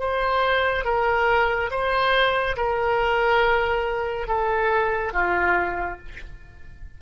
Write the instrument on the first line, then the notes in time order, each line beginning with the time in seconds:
oboe
0.00 C5
0.85 A#4
1.71 C5
2.57 A#4
4.28 A4
5.14 F4